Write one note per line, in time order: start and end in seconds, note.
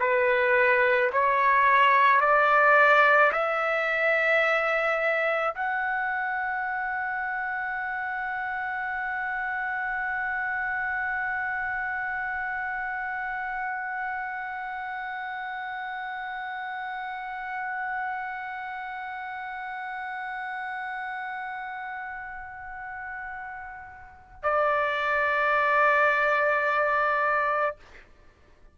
0.00 1.11 B4
1.13 2.21 C#5
2.21 3.32 D5
3.33 5.55 E5
5.56 24.43 F#5
24.43 27.77 D5